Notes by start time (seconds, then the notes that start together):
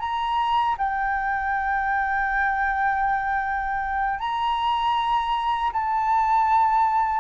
0.00 A#5
0.78 G5
4.19 A#5
5.73 A5